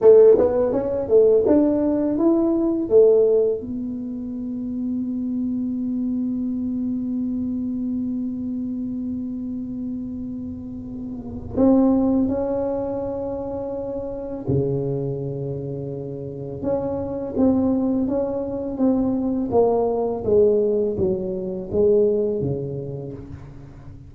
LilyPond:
\new Staff \with { instrumentName = "tuba" } { \time 4/4 \tempo 4 = 83 a8 b8 cis'8 a8 d'4 e'4 | a4 b2.~ | b1~ | b1 |
c'4 cis'2. | cis2. cis'4 | c'4 cis'4 c'4 ais4 | gis4 fis4 gis4 cis4 | }